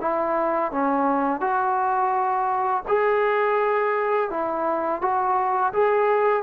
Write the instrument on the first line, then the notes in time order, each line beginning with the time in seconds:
trombone
0.00 E4
0.71 C#4
1.40 F#4
2.87 G#4
4.30 E4
5.01 F#4
5.73 G#4